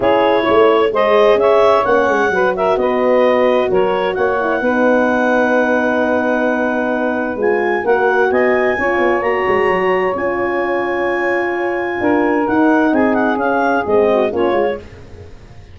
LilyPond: <<
  \new Staff \with { instrumentName = "clarinet" } { \time 4/4 \tempo 4 = 130 cis''2 dis''4 e''4 | fis''4. e''8 dis''2 | cis''4 fis''2.~ | fis''1 |
gis''4 fis''4 gis''2 | ais''2 gis''2~ | gis''2. fis''4 | gis''8 fis''8 f''4 dis''4 cis''4 | }
  \new Staff \with { instrumentName = "saxophone" } { \time 4/4 gis'4 cis''4 c''4 cis''4~ | cis''4 b'8 ais'8 b'2 | ais'4 cis''4 b'2~ | b'1~ |
b'4 ais'4 dis''4 cis''4~ | cis''1~ | cis''2 ais'2 | gis'2~ gis'8 fis'8 f'4 | }
  \new Staff \with { instrumentName = "horn" } { \time 4/4 e'2 gis'2 | cis'4 fis'2.~ | fis'4. e'8 dis'2~ | dis'1 |
f'4 fis'2 f'4 | fis'2 f'2~ | f'2. dis'4~ | dis'4 cis'4 c'4 cis'8 f'8 | }
  \new Staff \with { instrumentName = "tuba" } { \time 4/4 cis'4 a4 gis4 cis'4 | ais8 gis8 fis4 b2 | fis4 ais4 b2~ | b1 |
gis4 ais4 b4 cis'8 b8 | ais8 gis8 fis4 cis'2~ | cis'2 d'4 dis'4 | c'4 cis'4 gis4 ais8 gis8 | }
>>